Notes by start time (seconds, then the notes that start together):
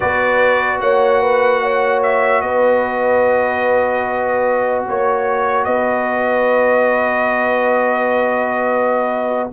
0.00 B3 F#4 B4 D5
0.80 A#3 C#5 F#5
1.21 B4
1.62 C#5
2.03 E5
2.41 B3 B4 D#5
4.86 A#3 C#5
5.64 B3 B4 D#5